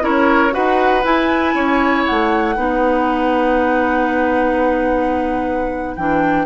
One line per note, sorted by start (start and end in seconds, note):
0.00 0.53 C#4
0.00 0.50 E4
0.00 0.53 A#4
0.00 0.53 C#5
0.51 1.04 D#4
0.51 1.01 F#4
0.51 1.54 B4
0.51 1.04 F#5
1.03 2.55 E4
1.03 1.54 E4
1.03 2.05 G#5
1.54 2.05 C#4
1.54 2.56 C#5
2.05 2.56 A3
2.05 5.96 F#5
2.56 5.97 B3
2.56 5.96 D#4
2.56 6.46 B4
5.96 6.46 E3
5.96 6.46 D4
5.96 6.46 G5